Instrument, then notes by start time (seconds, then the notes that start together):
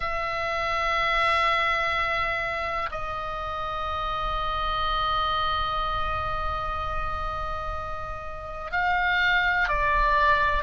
oboe
0.00 E5
2.91 D#5
8.71 F5
9.68 D5